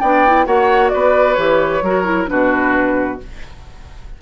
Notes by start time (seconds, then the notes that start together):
0.00 B3 D4 D5 G5
0.26 E4
0.46 A#3 F#4 C#5 F#5
0.89 B3 B4 D5
1.33 E3 G4 C#5
1.82 F#3 F#4 A#4
2.04 E4
2.27 B2 D4 F#4 B4